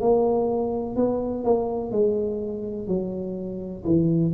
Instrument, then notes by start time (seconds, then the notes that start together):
tuba
0.00 A#3
0.96 B3
1.44 A#3
1.92 G#3
2.88 F#3
3.85 E3